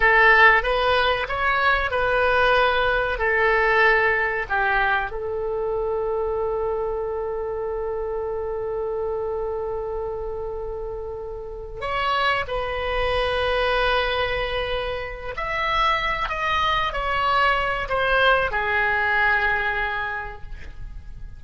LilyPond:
\new Staff \with { instrumentName = "oboe" } { \time 4/4 \tempo 4 = 94 a'4 b'4 cis''4 b'4~ | b'4 a'2 g'4 | a'1~ | a'1~ |
a'2~ a'8 cis''4 b'8~ | b'1 | e''4. dis''4 cis''4. | c''4 gis'2. | }